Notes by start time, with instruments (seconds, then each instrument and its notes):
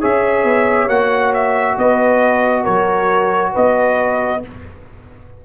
0.00 tuba C#4, trombone G#4, horn C#5, trumpet E5
0.44 tuba B3
0.88 tuba A#3, trombone F#4, trumpet F#5
1.34 trumpet E5
1.78 tuba B3, horn B4, trumpet D#5
2.63 tuba F#3, horn A#4, trumpet C#5
3.53 tuba B3, horn B4, trumpet D#5